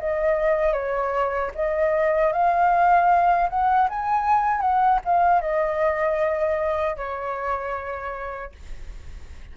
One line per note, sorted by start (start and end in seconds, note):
0.00 0.73 D#5
0.73 1.51 C#5
1.55 2.33 D#5
2.33 3.50 F5
3.50 3.89 F#5
3.90 4.61 G#5
4.61 5.00 F#5
5.05 5.42 F5
5.42 6.97 D#5
6.97 8.53 C#5